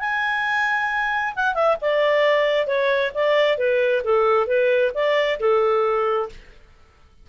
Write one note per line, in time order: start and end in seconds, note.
0.00 1.34 G#5
1.36 1.55 F#5
1.55 1.77 E5
1.82 2.67 D5
2.67 3.12 C#5
3.15 3.58 D5
3.58 4.03 B4
4.04 4.47 A4
4.47 4.92 B4
4.95 5.39 D5
5.40 6.30 A4